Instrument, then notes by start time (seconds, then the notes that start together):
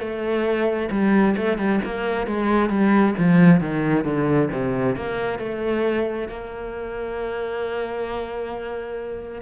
cello
0.00 A3
0.91 G3
1.37 A3
1.58 G3
1.85 A#3
2.27 G#3
2.69 G3
3.18 F3
3.61 D#3
4.05 D3
4.51 C3
4.96 A#3
5.39 A3
6.28 A#3